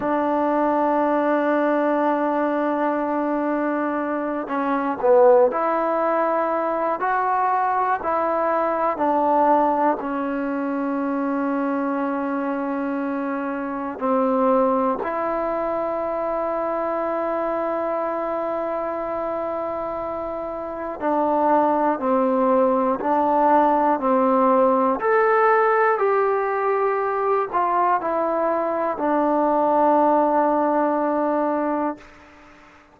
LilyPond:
\new Staff \with { instrumentName = "trombone" } { \time 4/4 \tempo 4 = 60 d'1~ | d'8 cis'8 b8 e'4. fis'4 | e'4 d'4 cis'2~ | cis'2 c'4 e'4~ |
e'1~ | e'4 d'4 c'4 d'4 | c'4 a'4 g'4. f'8 | e'4 d'2. | }